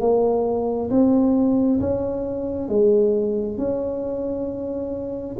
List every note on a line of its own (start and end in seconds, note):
0.00 0.90 A#3
0.90 1.80 C4
1.80 2.69 C#4
2.69 3.58 G#3
3.58 5.37 C#4